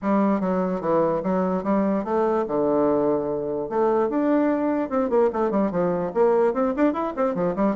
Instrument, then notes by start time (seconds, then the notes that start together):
bassoon
0.02 G3
0.40 F#3
0.80 E3
1.23 F#3
1.63 G3
2.04 A3
2.47 D3
3.69 A3
4.09 D4
4.89 C4
5.09 A#3
5.32 A3
5.50 G3
5.71 F3
6.14 A#3
6.53 C4
6.76 D4
6.93 E4
7.16 C4
7.34 F3
7.55 G3